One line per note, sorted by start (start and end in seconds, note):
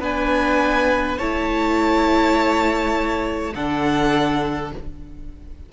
0.00 1.18 B3
0.00 1.20 D4
0.00 1.18 B4
0.00 1.19 G#5
1.18 3.55 A3
1.18 3.55 E4
1.18 3.53 C#5
1.18 3.54 A5
3.55 4.73 D3
3.55 4.73 D4
3.55 4.73 A4
3.55 4.73 F#5